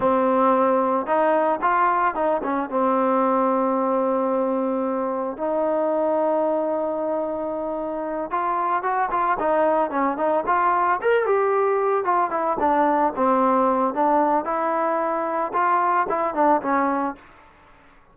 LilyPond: \new Staff \with { instrumentName = "trombone" } { \time 4/4 \tempo 4 = 112 c'2 dis'4 f'4 | dis'8 cis'8 c'2.~ | c'2 dis'2~ | dis'2.~ dis'8 f'8~ |
f'8 fis'8 f'8 dis'4 cis'8 dis'8 f'8~ | f'8 ais'8 g'4. f'8 e'8 d'8~ | d'8 c'4. d'4 e'4~ | e'4 f'4 e'8 d'8 cis'4 | }